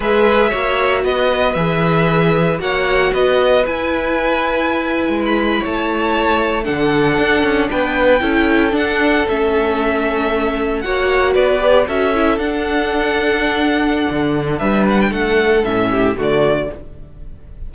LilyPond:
<<
  \new Staff \with { instrumentName = "violin" } { \time 4/4 \tempo 4 = 115 e''2 dis''4 e''4~ | e''4 fis''4 dis''4 gis''4~ | gis''2 b''8. a''4~ a''16~ | a''8. fis''2 g''4~ g''16~ |
g''8. fis''4 e''2~ e''16~ | e''8. fis''4 d''4 e''4 fis''16~ | fis''1 | e''8 fis''16 g''16 fis''4 e''4 d''4 | }
  \new Staff \with { instrumentName = "violin" } { \time 4/4 b'4 cis''4 b'2~ | b'4 cis''4 b'2~ | b'2~ b'8. cis''4~ cis''16~ | cis''8. a'2 b'4 a'16~ |
a'1~ | a'8. cis''4 b'4 a'4~ a'16~ | a'1 | b'4 a'4. g'8 fis'4 | }
  \new Staff \with { instrumentName = "viola" } { \time 4/4 gis'4 fis'2 gis'4~ | gis'4 fis'2 e'4~ | e'1~ | e'8. d'2. e'16~ |
e'8. d'4 cis'2~ cis'16~ | cis'8. fis'4. g'8 fis'8 e'8 d'16~ | d'1~ | d'2 cis'4 a4 | }
  \new Staff \with { instrumentName = "cello" } { \time 4/4 gis4 ais4 b4 e4~ | e4 ais4 b4 e'4~ | e'4.~ e'16 gis4 a4~ a16~ | a8. d4 d'8 cis'8 b4 cis'16~ |
cis'8. d'4 a2~ a16~ | a8. ais4 b4 cis'4 d'16~ | d'2. d4 | g4 a4 a,4 d4 | }
>>